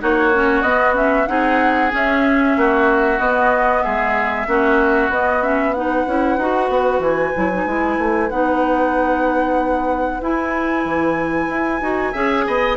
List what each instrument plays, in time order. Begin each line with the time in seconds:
0.00 bassoon A#3, clarinet D#4, oboe F#4, flute C#5
0.34 clarinet C#4
0.62 bassoon B3, clarinet B3, flute D#5
0.94 clarinet C#4, flute E5
1.27 bassoon C4, clarinet D#4, oboe G#4, flute F#5
1.91 clarinet C#4, bassoon C#4, flute E5
2.57 bassoon A#3, oboe F#4
3.19 bassoon B3, clarinet B3, flute D#5
3.83 bassoon G#3, oboe G#4, flute E5
4.47 bassoon A#3, clarinet C#4, oboe F#4
5.09 bassoon B3, clarinet B3, flute D#5
5.42 clarinet C#4, flute E5
5.74 clarinet D#4, oboe B4, flute F#5
6.07 bassoon C#4, clarinet E4
6.37 bassoon D#4, clarinet F#4
6.69 bassoon B3
6.99 bassoon E3, flute G#5
7.35 bassoon F#3, clarinet E4
7.53 clarinet D#4
7.66 bassoon G#3, clarinet E4
7.98 bassoon A3
8.30 bassoon B3, clarinet D#4, flute F#5
10.21 bassoon E4, clarinet E4, flute G#5
10.85 bassoon E3
11.49 bassoon E4
11.81 bassoon D#4, clarinet F#4
12.12 bassoon C#4, clarinet G#4, oboe E5
12.47 bassoon B3, oboe D#5